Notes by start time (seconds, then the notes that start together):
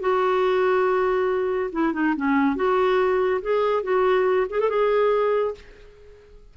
0.00 F#4
1.72 E4
1.93 D#4
2.16 C#4
2.56 F#4
3.42 G#4
3.83 F#4
4.50 G#4
4.59 A4
4.69 G#4